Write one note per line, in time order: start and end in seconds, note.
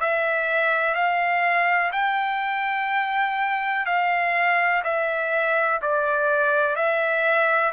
0.00 0.95 E5
0.95 1.91 F5
1.92 3.86 G5
3.86 4.83 F5
4.84 5.81 E5
5.82 6.76 D5
6.76 7.72 E5